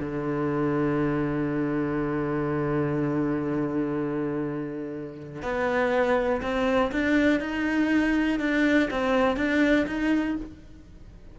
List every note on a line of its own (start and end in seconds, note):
0.00 5.43 D3
5.43 6.42 B3
6.42 6.92 C4
6.92 7.40 D4
7.40 8.40 D#4
8.40 8.89 D4
8.91 9.37 C4
9.37 9.87 D4
9.87 10.37 D#4